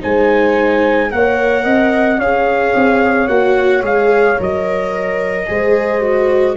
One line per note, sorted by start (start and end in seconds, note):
0.00 1.12 G#3
0.00 1.09 D#4
0.00 1.11 C5
0.00 1.11 G#5
1.10 1.65 A#3
1.10 2.19 A#4
1.10 1.65 C#5
1.10 2.20 F#5
1.65 2.19 C4
1.65 2.19 D#5
2.19 2.74 C#4
2.19 3.29 G#4
2.19 5.46 C#5
2.19 3.28 F5
2.75 3.28 C4
3.28 3.82 A#3
3.28 3.83 F#4
3.28 3.82 F#5
3.82 4.37 G#3
3.82 4.37 G#4
3.82 4.40 F5
4.38 5.49 F#3
4.38 5.47 A#4
4.38 6.57 D#5
5.47 6.57 G#3
5.47 6.01 G#4
5.47 6.57 C5
6.01 6.56 F#4